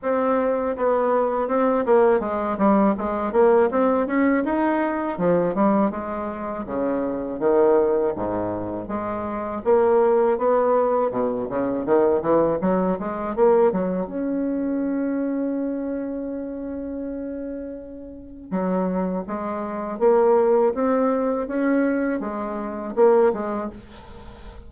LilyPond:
\new Staff \with { instrumentName = "bassoon" } { \time 4/4 \tempo 4 = 81 c'4 b4 c'8 ais8 gis8 g8 | gis8 ais8 c'8 cis'8 dis'4 f8 g8 | gis4 cis4 dis4 gis,4 | gis4 ais4 b4 b,8 cis8 |
dis8 e8 fis8 gis8 ais8 fis8 cis'4~ | cis'1~ | cis'4 fis4 gis4 ais4 | c'4 cis'4 gis4 ais8 gis8 | }